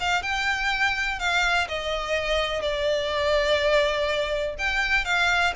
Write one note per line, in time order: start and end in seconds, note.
0.00 0.22 F5
0.22 1.19 G5
1.19 1.68 F5
1.68 2.62 D#5
2.62 4.55 D5
4.59 5.05 G5
5.05 5.53 F5